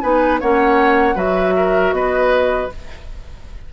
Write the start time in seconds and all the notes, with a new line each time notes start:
0.00 B3 D#4 B4 G#5
0.40 A#3 C#4 C#5 F#5
1.15 F#3 F#4 B4 E5
1.56 A#4
1.92 B3 B4 D#5